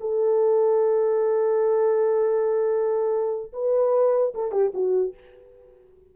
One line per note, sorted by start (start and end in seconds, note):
0.00 3.52 A4
3.53 4.33 B4
4.34 4.51 A4
4.51 4.72 G4
4.74 5.14 F#4